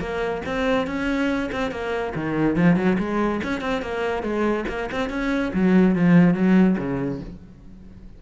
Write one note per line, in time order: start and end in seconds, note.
0.00 0.42 A#3
0.46 0.87 C4
0.87 1.51 C#4
1.52 1.72 C4
1.72 2.14 A#3
2.15 2.56 D#3
2.56 2.76 F3
2.76 2.98 F#3
2.99 3.41 G#3
3.44 3.61 C#4
3.61 3.82 C4
3.83 4.23 A#3
4.23 4.65 G#3
4.69 4.90 A#3
4.92 5.10 C4
5.10 5.53 C#4
5.54 5.96 F#3
5.96 6.34 F3
6.34 6.77 F#3
6.79 7.21 C#3